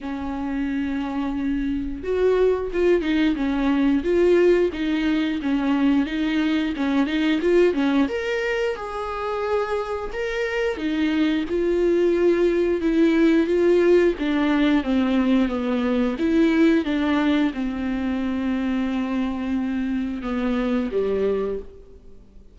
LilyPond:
\new Staff \with { instrumentName = "viola" } { \time 4/4 \tempo 4 = 89 cis'2. fis'4 | f'8 dis'8 cis'4 f'4 dis'4 | cis'4 dis'4 cis'8 dis'8 f'8 cis'8 | ais'4 gis'2 ais'4 |
dis'4 f'2 e'4 | f'4 d'4 c'4 b4 | e'4 d'4 c'2~ | c'2 b4 g4 | }